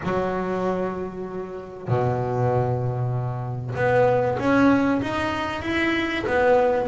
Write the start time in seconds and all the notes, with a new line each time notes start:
0.03 F#3
1.88 B2
3.75 B3
4.38 C#4
5.01 D#4
5.62 E4
6.26 B3